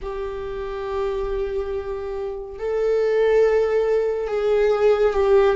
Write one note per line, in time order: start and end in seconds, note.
0.02 2.58 G4
2.58 4.27 A4
4.27 5.13 G#4
5.14 5.56 G4